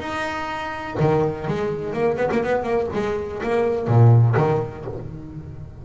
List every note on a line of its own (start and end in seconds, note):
0.00 0.97 D#4
1.00 1.48 D#3
1.48 1.93 G#3
1.93 2.18 A#3
2.18 2.30 B3
2.32 2.43 A#3
2.43 2.63 B3
2.63 2.87 A#3
2.94 3.42 G#3
3.43 3.88 A#3
3.88 4.36 A#2
4.37 4.85 D#3